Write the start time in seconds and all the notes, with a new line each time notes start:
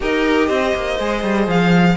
0.00 D#4 G4 A#4 D#5
0.47 C4 C5
0.74 A#3
0.99 G#3 G#4
1.23 G3
1.47 F3 F5